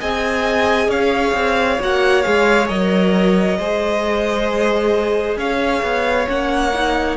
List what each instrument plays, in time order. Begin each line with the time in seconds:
0.00 cello C4, viola G#4, violin D#5 G#5
0.89 cello C#4, violin C#5 F5
1.34 cello C4
1.80 cello A#3, viola F#4, violin F#5
2.23 cello G#3, viola G#4, violin F5
2.68 cello F#3, viola A#4, violin D#5
3.58 cello G#3, viola G#4, violin C5
5.37 cello C#4, violin C#5 F5
5.83 cello B3
6.27 cello A#3, viola C#4, violin F#5
6.74 viola D#4